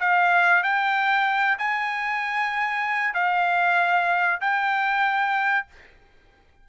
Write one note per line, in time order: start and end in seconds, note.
0.00 0.63 F5
0.63 1.58 G5
1.58 3.14 G#5
3.14 4.41 F5
4.41 5.67 G5